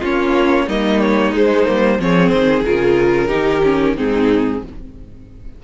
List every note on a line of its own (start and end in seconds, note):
0.00 0.67 A#3
0.00 0.69 C#4
0.00 0.66 F4
0.00 0.69 C#5
0.67 1.32 G3
0.67 1.33 A#3
0.67 1.98 D#4
0.67 1.00 D#5
1.00 1.33 C#5
1.32 1.65 G#3
1.32 2.01 C5
1.65 1.99 G3
1.65 1.98 A#3
1.99 2.32 F3
1.99 2.65 C4
1.99 3.27 G#4
1.99 2.28 C#5
2.28 2.65 D#3
2.28 2.61 C5
2.65 3.32 C#3
2.65 3.28 F4
2.65 3.97 A#4
3.27 3.98 D#3
3.27 3.61 D#4
3.27 3.93 G4
3.63 3.96 C#4
3.96 4.63 G#2
3.96 4.62 C4
3.96 4.63 D#4
3.96 4.63 G#4